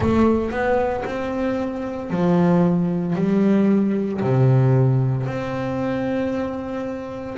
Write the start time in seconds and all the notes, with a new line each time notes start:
0.00 A3
0.50 B3
1.05 C4
2.10 F3
3.15 G3
4.21 C3
5.26 C4